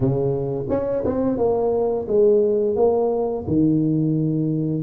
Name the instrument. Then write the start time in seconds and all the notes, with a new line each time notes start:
tuba
0.00 C#3
0.69 C#4
1.05 C4
1.37 A#3
2.08 G#3
2.76 A#3
3.47 D#3